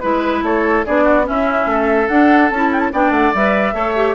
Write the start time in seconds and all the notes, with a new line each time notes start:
0.00 G#3 E4 B4
0.43 A3 A4 C#5
0.86 B3 D4 G#4 D5
1.04 F#4
1.24 C#4 E4 E5
1.66 A3 A4
2.08 D4 F#5
2.50 C#4 E4 A5
2.72 G5
2.80 A5
2.93 B3 D4 D5 G5
3.11 A3 F#5
3.35 G3 B4 E5
3.74 A3 A4 C#5
3.96 G4